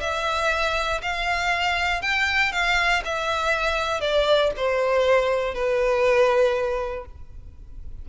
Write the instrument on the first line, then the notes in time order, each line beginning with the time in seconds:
violin
0.00 E5
1.02 F5
2.01 G5
2.52 F5
3.04 E5
4.00 D5
4.57 C5
5.54 B4